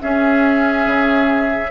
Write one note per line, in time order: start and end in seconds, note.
0.00 1.71 C#4
0.00 0.86 C#4
0.00 1.71 G#4
0.00 1.71 E5
0.86 1.71 C#3